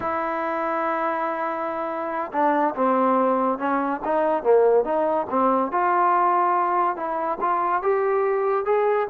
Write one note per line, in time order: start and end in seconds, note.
0.00 2.31 E4
2.32 2.74 D4
2.75 3.58 C4
3.58 4.00 C#4
4.04 4.43 D#4
4.43 4.84 A#3
4.84 5.26 D#4
5.29 5.71 C4
5.71 6.96 F4
6.96 7.38 E4
7.41 7.82 F4
7.82 8.65 G4
8.65 9.07 G#4